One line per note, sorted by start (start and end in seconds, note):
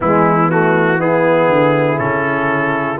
0.00 1.48 E3
0.00 0.50 G#3
0.00 0.99 B3
0.00 0.50 E4
0.50 0.99 A3
0.50 1.00 F#4
0.99 1.97 B3
0.99 2.99 E4
0.99 1.98 G#4
1.48 1.98 D3
1.97 2.99 C#3
1.97 2.97 C#4
1.97 2.98 A4